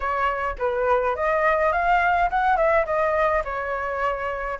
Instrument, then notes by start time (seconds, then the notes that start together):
flute
0.00 C#5
0.58 B4
1.15 D#5
1.72 F5
2.29 F#5
2.56 E5
2.85 D#5
3.44 C#5